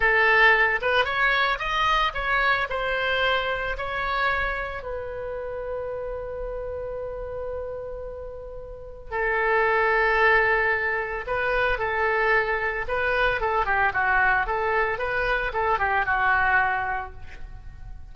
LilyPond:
\new Staff \with { instrumentName = "oboe" } { \time 4/4 \tempo 4 = 112 a'4. b'8 cis''4 dis''4 | cis''4 c''2 cis''4~ | cis''4 b'2.~ | b'1~ |
b'4 a'2.~ | a'4 b'4 a'2 | b'4 a'8 g'8 fis'4 a'4 | b'4 a'8 g'8 fis'2 | }